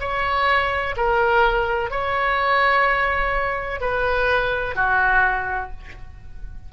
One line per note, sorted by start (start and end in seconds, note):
0.00 0.95 C#5
0.97 1.90 A#4
1.90 3.81 C#5
3.81 4.75 B4
4.75 5.71 F#4